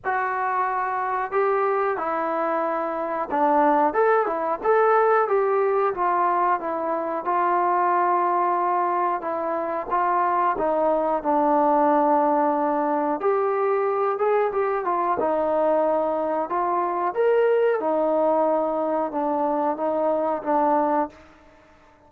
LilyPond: \new Staff \with { instrumentName = "trombone" } { \time 4/4 \tempo 4 = 91 fis'2 g'4 e'4~ | e'4 d'4 a'8 e'8 a'4 | g'4 f'4 e'4 f'4~ | f'2 e'4 f'4 |
dis'4 d'2. | g'4. gis'8 g'8 f'8 dis'4~ | dis'4 f'4 ais'4 dis'4~ | dis'4 d'4 dis'4 d'4 | }